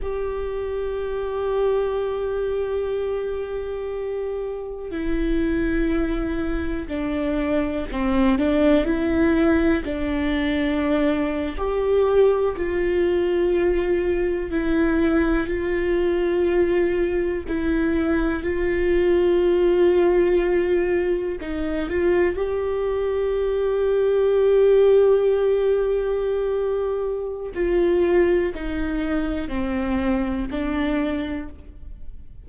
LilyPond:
\new Staff \with { instrumentName = "viola" } { \time 4/4 \tempo 4 = 61 g'1~ | g'4 e'2 d'4 | c'8 d'8 e'4 d'4.~ d'16 g'16~ | g'8. f'2 e'4 f'16~ |
f'4.~ f'16 e'4 f'4~ f'16~ | f'4.~ f'16 dis'8 f'8 g'4~ g'16~ | g'1 | f'4 dis'4 c'4 d'4 | }